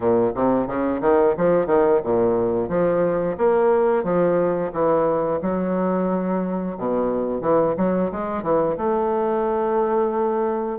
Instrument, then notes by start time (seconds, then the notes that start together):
bassoon
0.00 A#2
0.35 C3
0.67 C#3
1.01 D#3
1.37 F3
1.66 D#3
2.03 A#2
2.68 F3
3.37 A#3
4.03 F3
4.72 E3
5.41 F#3
6.77 B2
7.41 E3
7.77 F#3
8.11 G#3
8.42 E3
8.77 A3